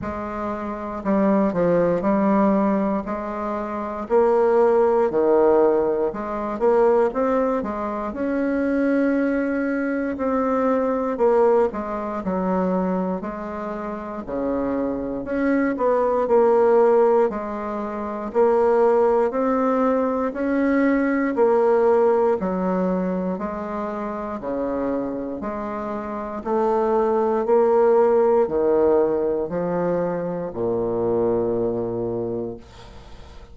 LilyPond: \new Staff \with { instrumentName = "bassoon" } { \time 4/4 \tempo 4 = 59 gis4 g8 f8 g4 gis4 | ais4 dis4 gis8 ais8 c'8 gis8 | cis'2 c'4 ais8 gis8 | fis4 gis4 cis4 cis'8 b8 |
ais4 gis4 ais4 c'4 | cis'4 ais4 fis4 gis4 | cis4 gis4 a4 ais4 | dis4 f4 ais,2 | }